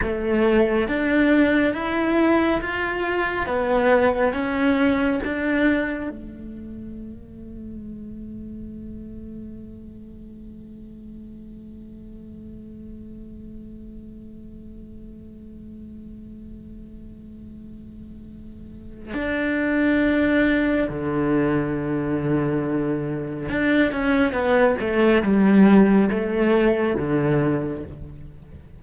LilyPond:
\new Staff \with { instrumentName = "cello" } { \time 4/4 \tempo 4 = 69 a4 d'4 e'4 f'4 | b4 cis'4 d'4 a4~ | a1~ | a1~ |
a1~ | a2 d'2 | d2. d'8 cis'8 | b8 a8 g4 a4 d4 | }